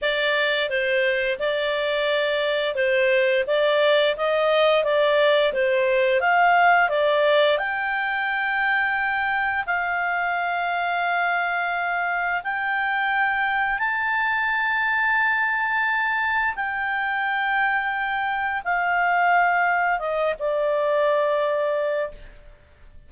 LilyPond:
\new Staff \with { instrumentName = "clarinet" } { \time 4/4 \tempo 4 = 87 d''4 c''4 d''2 | c''4 d''4 dis''4 d''4 | c''4 f''4 d''4 g''4~ | g''2 f''2~ |
f''2 g''2 | a''1 | g''2. f''4~ | f''4 dis''8 d''2~ d''8 | }